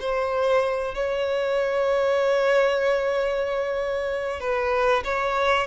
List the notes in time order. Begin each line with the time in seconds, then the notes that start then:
0.00 C5
0.95 C#5
4.40 B4
5.04 C#5